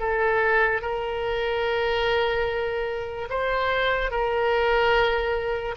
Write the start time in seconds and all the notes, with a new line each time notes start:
0.00 A4
0.82 A#4
3.30 C5
4.11 A#4